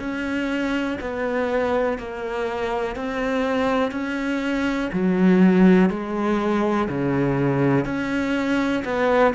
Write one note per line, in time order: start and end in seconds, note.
0.00 0.98 C#4
1.01 1.99 B3
1.99 2.96 A#3
2.96 3.92 C4
3.92 4.90 C#4
4.93 5.90 F#3
5.90 6.89 G#3
6.89 7.86 C#3
7.86 8.84 C#4
8.85 9.34 B3